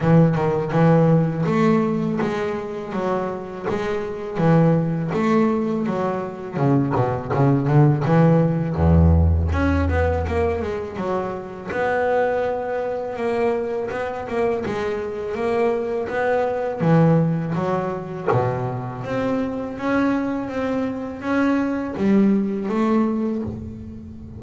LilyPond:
\new Staff \with { instrumentName = "double bass" } { \time 4/4 \tempo 4 = 82 e8 dis8 e4 a4 gis4 | fis4 gis4 e4 a4 | fis4 cis8 b,8 cis8 d8 e4 | e,4 cis'8 b8 ais8 gis8 fis4 |
b2 ais4 b8 ais8 | gis4 ais4 b4 e4 | fis4 b,4 c'4 cis'4 | c'4 cis'4 g4 a4 | }